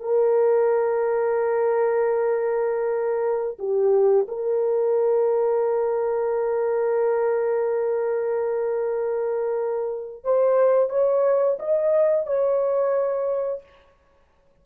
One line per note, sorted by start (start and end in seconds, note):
0.00 3.58 A#4
3.59 4.27 G4
4.28 10.24 A#4
10.24 10.90 C5
10.90 11.58 C#5
11.59 12.27 D#5
12.27 13.63 C#5